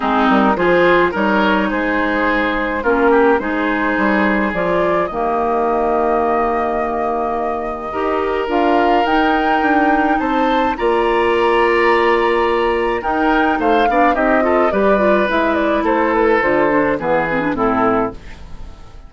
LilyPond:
<<
  \new Staff \with { instrumentName = "flute" } { \time 4/4 \tempo 4 = 106 gis'8 ais'8 c''4 cis''4 c''4~ | c''4 ais'4 c''2 | d''4 dis''2.~ | dis''2. f''4 |
g''2 a''4 ais''4~ | ais''2. g''4 | f''4 dis''4 d''4 e''8 d''8 | c''8 b'8 c''4 b'4 a'4 | }
  \new Staff \with { instrumentName = "oboe" } { \time 4/4 dis'4 gis'4 ais'4 gis'4~ | gis'4 f'8 g'8 gis'2~ | gis'4 g'2.~ | g'2 ais'2~ |
ais'2 c''4 d''4~ | d''2. ais'4 | c''8 d''8 g'8 a'8 b'2 | a'2 gis'4 e'4 | }
  \new Staff \with { instrumentName = "clarinet" } { \time 4/4 c'4 f'4 dis'2~ | dis'4 cis'4 dis'2 | f'4 ais2.~ | ais2 g'4 f'4 |
dis'2. f'4~ | f'2. dis'4~ | dis'8 d'8 dis'8 f'8 g'8 f'8 e'4~ | e'4 f'8 d'8 b8 c'16 d'16 c'4 | }
  \new Staff \with { instrumentName = "bassoon" } { \time 4/4 gis8 g8 f4 g4 gis4~ | gis4 ais4 gis4 g4 | f4 dis2.~ | dis2 dis'4 d'4 |
dis'4 d'4 c'4 ais4~ | ais2. dis'4 | a8 b8 c'4 g4 gis4 | a4 d4 e4 a,4 | }
>>